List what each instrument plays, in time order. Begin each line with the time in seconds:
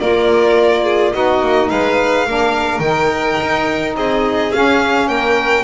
0.00 double bass A#3, saxophone F4, violin A#4 D5
0.84 violin G#4
1.13 double bass B3, saxophone D#4, violin F#4 D#5
1.42 double bass A#3
1.69 double bass G#3, violin B4 F5
2.26 double bass A#3, saxophone D4, violin A#4
2.79 double bass D#3, saxophone D#4, violin G5
3.40 double bass D#4
3.96 double bass C4, violin G#4 D#5
4.52 saxophone C#4, double bass C#4, violin F5
5.08 double bass A#3, violin A#4 G5